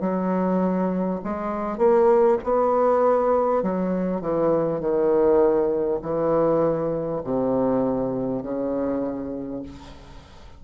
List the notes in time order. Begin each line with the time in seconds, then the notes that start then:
0.00 F#3
1.24 G#3
1.78 A#3
2.43 B3
3.62 F#3
4.21 E3
4.80 D#3
6.01 E3
7.24 C3
8.42 C#3